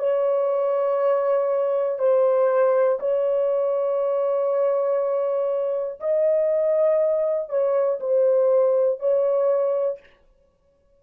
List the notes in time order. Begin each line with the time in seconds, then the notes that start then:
0.00 C#5
2.00 C5
3.00 C#5
6.00 D#5
7.50 C#5
8.01 C5
9.00 C#5